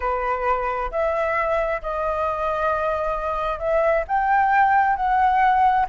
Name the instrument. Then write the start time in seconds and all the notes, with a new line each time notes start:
flute
0.00 B4
0.91 E5
1.82 D#5
3.59 E5
4.07 G5
4.96 F#5